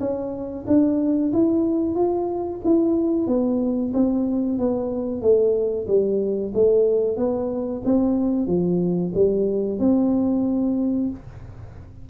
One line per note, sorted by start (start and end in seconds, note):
0.00 0.65 C#4
0.67 1.32 D4
1.33 1.95 E4
1.95 2.60 F4
2.64 3.27 E4
3.27 3.92 B3
3.94 4.58 C4
4.58 5.22 B3
5.22 5.87 A3
5.87 6.52 G3
6.54 7.17 A3
7.17 7.82 B3
7.85 8.47 C4
8.47 9.12 F3
9.14 9.79 G3
9.79 11.10 C4